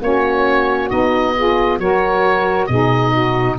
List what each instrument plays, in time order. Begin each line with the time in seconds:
0.00 tuba A#3, saxophone C#4 F#4, oboe C#5
0.89 tuba B3, saxophone D#4, oboe D#5
1.36 saxophone F4 G#4
1.78 tuba F#3, saxophone F#4 A#4, oboe C#5
2.66 tuba B2, saxophone D#4 G#4, oboe D#5
3.11 saxophone F#4